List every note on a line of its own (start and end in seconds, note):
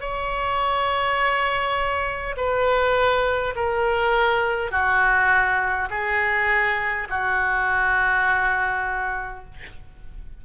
0.00 2.35 C#5
2.36 3.54 B4
3.55 4.71 A#4
4.71 5.88 F#4
5.90 7.07 G#4
7.09 9.44 F#4